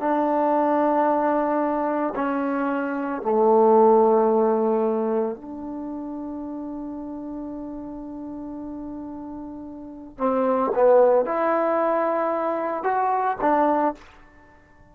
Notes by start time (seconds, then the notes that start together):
0.00 D4
2.16 C#4
3.23 A3
5.36 D4
10.18 C4
10.75 B3
11.25 E4
12.84 F#4
13.41 D4